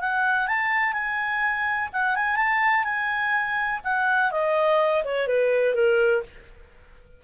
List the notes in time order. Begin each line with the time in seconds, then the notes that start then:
0.00 F#5
0.47 A5
0.93 G#5
1.93 F#5
2.16 G#5
2.36 A5
2.84 G#5
3.84 F#5
4.31 D#5
5.05 C#5
5.27 B4
5.74 A#4